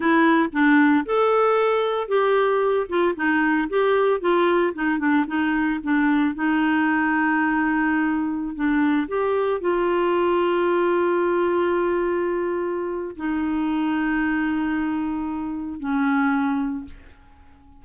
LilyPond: \new Staff \with { instrumentName = "clarinet" } { \time 4/4 \tempo 4 = 114 e'4 d'4 a'2 | g'4. f'8 dis'4 g'4 | f'4 dis'8 d'8 dis'4 d'4 | dis'1~ |
dis'16 d'4 g'4 f'4.~ f'16~ | f'1~ | f'4 dis'2.~ | dis'2 cis'2 | }